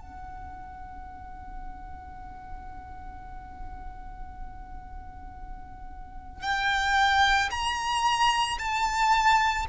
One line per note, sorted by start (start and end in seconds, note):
0.00 6.42 F#5
6.42 7.50 G5
7.51 8.58 A#5
8.59 9.66 A5